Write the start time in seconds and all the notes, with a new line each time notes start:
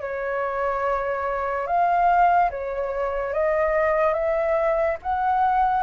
0.00 C#5
1.66 F5
2.50 C#5
3.33 D#5
4.13 E5
5.02 F#5